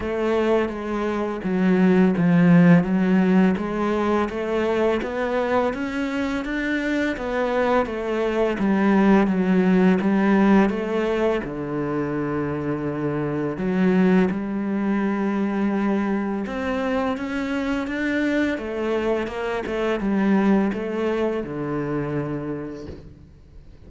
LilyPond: \new Staff \with { instrumentName = "cello" } { \time 4/4 \tempo 4 = 84 a4 gis4 fis4 f4 | fis4 gis4 a4 b4 | cis'4 d'4 b4 a4 | g4 fis4 g4 a4 |
d2. fis4 | g2. c'4 | cis'4 d'4 a4 ais8 a8 | g4 a4 d2 | }